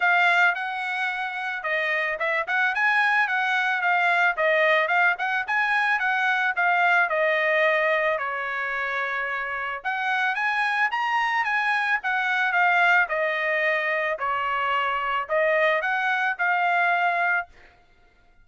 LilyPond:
\new Staff \with { instrumentName = "trumpet" } { \time 4/4 \tempo 4 = 110 f''4 fis''2 dis''4 | e''8 fis''8 gis''4 fis''4 f''4 | dis''4 f''8 fis''8 gis''4 fis''4 | f''4 dis''2 cis''4~ |
cis''2 fis''4 gis''4 | ais''4 gis''4 fis''4 f''4 | dis''2 cis''2 | dis''4 fis''4 f''2 | }